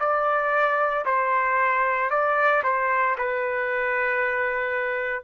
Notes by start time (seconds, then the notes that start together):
0.00 D5
1.06 C5
2.11 D5
2.64 C5
3.18 B4